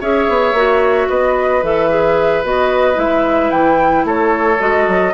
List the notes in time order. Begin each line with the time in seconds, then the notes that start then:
0.00 C#4 G#4 C#5 E5
0.28 B3
0.52 A#3 F#4
1.08 B3 B4 D#5
1.62 E3 A4 E5
1.89 G#4
2.43 B3 F#4 D#5
2.93 G#3 E4 E5
3.51 E3 G5
4.04 A3 A4 C#5
4.59 G#3 F#4 D#5
4.87 F#3